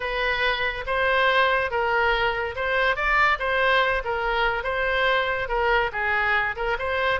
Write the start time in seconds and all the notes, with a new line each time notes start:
0.00 B4
0.86 C5
1.70 A#4
2.55 C5
2.96 D5
3.39 C5
4.04 A#4
4.63 C5
5.48 A#4
5.92 G#4
6.56 A#4
6.78 C5